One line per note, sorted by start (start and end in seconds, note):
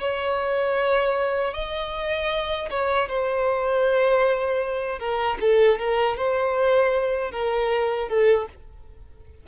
0.00 1.54 C#5
1.54 2.69 D#5
2.70 3.08 C#5
3.08 4.99 C5
4.99 5.37 A#4
5.41 5.79 A4
5.79 6.17 A#4
6.17 7.31 C5
7.31 8.08 A#4
8.08 8.47 A4